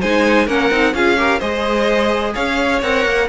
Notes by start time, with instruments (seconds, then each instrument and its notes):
0.00 cello G#3, viola D#4, violin C5 G#5
0.46 cello A#3, viola C#4, violin A#4 F#5
0.70 cello C4, viola D#4
0.93 cello C#4, viola F4, violin G#4 F5
1.17 viola G4, violin A#4
1.38 cello G#3, viola G#4, violin C5 D#5
2.33 cello C#4, violin C#5 F5
2.81 cello C4, viola A#4, violin F#5
3.05 cello A#3